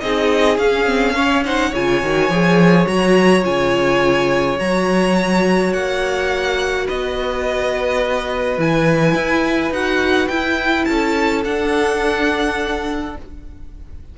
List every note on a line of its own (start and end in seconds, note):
0.00 0.58 C4
0.00 0.59 D#4
0.00 1.15 G#4
0.00 0.57 D#5
0.58 1.72 C#4
0.58 0.86 C#4
0.58 1.44 F5
0.86 1.14 C4
1.15 1.43 C#4
1.15 1.43 C#5
1.45 1.74 D#4
1.45 1.71 C5
1.45 1.74 F#5
1.71 2.02 C#3
1.71 2.03 F4
1.71 6.85 C#5
1.71 2.87 G#5
2.03 2.29 D#3
2.03 2.31 F#4
2.29 2.86 F3
2.29 2.86 G#4
2.86 3.45 F#3
2.86 3.42 F#4
2.86 3.44 A#5
3.42 4.59 C#3
3.42 4.57 F4
3.42 4.59 G#5
4.58 5.73 F#3
4.58 8.58 F#4
4.58 5.73 A#5
5.73 6.88 A#3
5.73 6.87 F#5
6.86 8.57 B3
6.86 10.86 B4
6.86 8.60 D#5
8.57 9.14 E3
8.57 9.73 E4
8.57 9.73 G#5
9.14 9.70 E4
9.70 10.28 D#4
9.70 10.31 F#4
9.70 10.28 F#5
10.28 10.86 E4
10.28 11.45 E4
10.28 10.85 G5
10.85 11.45 C#4
10.85 13.18 A4
10.85 11.42 A5
11.44 13.16 D4
11.44 13.16 F#5